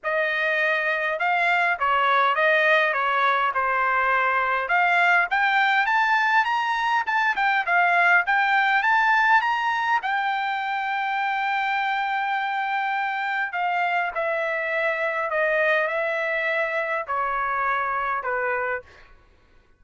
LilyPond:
\new Staff \with { instrumentName = "trumpet" } { \time 4/4 \tempo 4 = 102 dis''2 f''4 cis''4 | dis''4 cis''4 c''2 | f''4 g''4 a''4 ais''4 | a''8 g''8 f''4 g''4 a''4 |
ais''4 g''2.~ | g''2. f''4 | e''2 dis''4 e''4~ | e''4 cis''2 b'4 | }